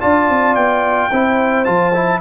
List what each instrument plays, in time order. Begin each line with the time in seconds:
0.00 tuba D4, trombone F4, horn D5, trumpet A5
0.29 tuba C4
0.55 tuba B3, trumpet G5
1.10 tuba C4, trombone E4, horn C5
1.65 tuba F3, trombone F4, trumpet A5
1.94 trombone E4